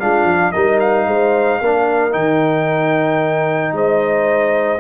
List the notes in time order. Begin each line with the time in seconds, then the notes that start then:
0.00 G#3 D4 F4 F5
0.25 F3
0.52 G3 D#4 A#4 D#5
0.80 F5
1.07 G#3 C5
1.61 A#3 D4 A#4
2.11 D#3 D#4 G5
3.73 G#3 C5 D#5